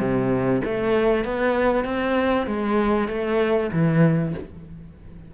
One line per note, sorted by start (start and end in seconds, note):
0.00 0.62 C3
0.65 1.25 A3
1.25 1.85 B3
1.85 2.47 C4
2.47 3.09 G#3
3.09 3.71 A3
3.73 4.35 E3